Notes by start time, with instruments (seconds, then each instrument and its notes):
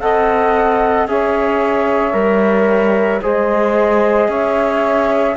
0.00 cello C4, trombone A4, saxophone D#5, flute F#5
1.08 cello C#4, trombone G#4, saxophone C#5, flute E5
2.13 cello G3, trombone A#4
3.22 cello G#3, trombone G#4, saxophone C5, flute D#5
4.28 cello C#4, saxophone C#5, flute E5